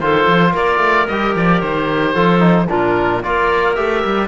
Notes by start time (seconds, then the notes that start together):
0.00 D#3 F4 A4 C5
0.28 F3
0.52 A#3 A#4 D5
0.79 A3
1.08 G3 G4 D#5
1.35 F3 D5
1.61 D#3 C5
2.13 F3 F4 A4
2.40 D#4
2.69 A#2 D4 F4 A#4
3.23 A#3 F4 A#4 D5
3.75 A3 G4 E5
4.05 G3